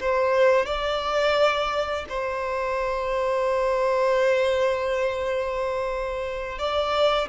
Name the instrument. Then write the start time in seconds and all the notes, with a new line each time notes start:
violin
0.00 C5
0.66 D5
2.08 C5
6.58 D5